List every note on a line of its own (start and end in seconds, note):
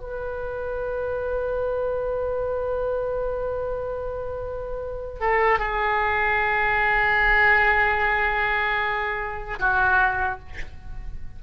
0.00 5.20 B4
5.20 5.59 A4
5.59 9.59 G#4
9.59 10.39 F#4